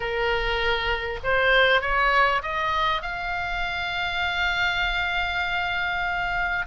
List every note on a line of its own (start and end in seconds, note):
0.00 1.19 A#4
1.23 1.81 C5
1.81 2.41 C#5
2.42 3.02 D#5
3.02 6.65 F5